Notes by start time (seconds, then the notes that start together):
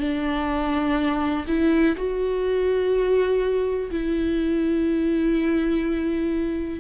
0.00 D4
1.48 E4
1.97 F#4
3.91 E4